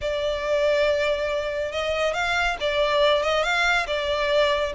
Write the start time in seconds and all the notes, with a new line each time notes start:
0.01 D5
1.71 D#5
2.13 F5
2.60 D5
3.22 D#5
3.43 F5
3.86 D5